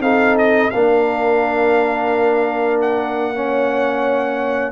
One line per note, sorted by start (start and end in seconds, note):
0.00 0.70 C4
0.00 0.72 D#4
0.00 0.72 A4
0.00 0.36 F5
0.38 0.70 D#5
0.70 4.72 A#3
0.70 3.34 D4
0.70 3.35 A#4
0.70 2.80 F5
2.81 4.72 F#5
3.34 4.72 C#4
3.34 4.72 C#5